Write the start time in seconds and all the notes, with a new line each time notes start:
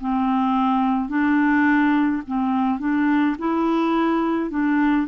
0.00 C4
1.09 D4
2.27 C4
2.79 D4
3.39 E4
4.50 D4